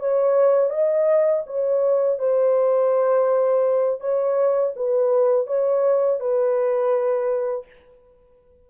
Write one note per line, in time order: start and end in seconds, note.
0.00 0.70 C#5
0.70 1.43 D#5
1.47 2.20 C#5
2.20 4.01 C5
4.01 4.74 C#5
4.77 5.47 B4
5.47 6.20 C#5
6.20 7.67 B4